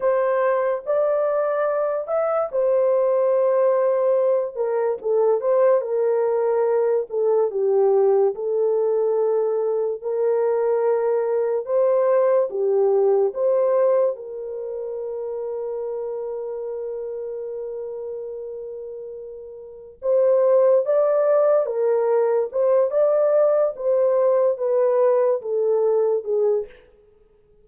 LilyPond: \new Staff \with { instrumentName = "horn" } { \time 4/4 \tempo 4 = 72 c''4 d''4. e''8 c''4~ | c''4. ais'8 a'8 c''8 ais'4~ | ais'8 a'8 g'4 a'2 | ais'2 c''4 g'4 |
c''4 ais'2.~ | ais'1 | c''4 d''4 ais'4 c''8 d''8~ | d''8 c''4 b'4 a'4 gis'8 | }